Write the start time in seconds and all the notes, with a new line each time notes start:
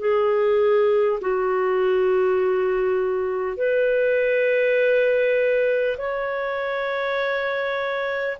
0.00 G#4
1.21 F#4
3.57 B4
5.98 C#5